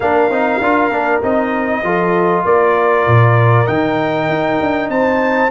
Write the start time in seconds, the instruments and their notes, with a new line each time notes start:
0.00 tuba A#3, trombone D4, horn A#4, trumpet F5
0.29 tuba C4, trombone D#4
0.61 tuba D4, trombone F4
0.91 tuba A#3, trombone D4
1.22 tuba C4, trombone D#4, trumpet D#5
1.83 tuba F3, trombone F4, horn A4
2.44 tuba A#3, horn A#4, trumpet D5
3.06 tuba A#2
3.66 tuba D#3, trombone D#4, trumpet G5
4.28 tuba D#4
4.60 tuba D4
4.88 tuba C4, horn C5, trumpet A5